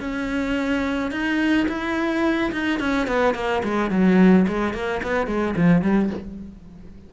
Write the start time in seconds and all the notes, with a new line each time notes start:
0.00 C#4
1.11 D#4
1.68 E4
2.52 D#4
2.80 C#4
3.07 B3
3.35 A#3
3.64 G#3
3.90 F#3
4.48 G#3
4.74 A#3
5.03 B3
5.27 G#3
5.57 F3
5.82 G3